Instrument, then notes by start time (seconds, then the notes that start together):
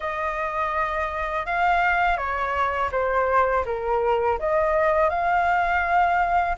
flute
0.00 D#5
1.46 F5
2.17 C#5
2.91 C5
3.66 A#4
4.39 D#5
5.09 F5